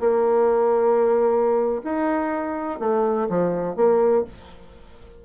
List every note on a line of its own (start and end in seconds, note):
0.00 1.81 A#3
1.84 2.80 D#4
2.80 3.28 A3
3.29 3.76 F3
3.76 4.24 A#3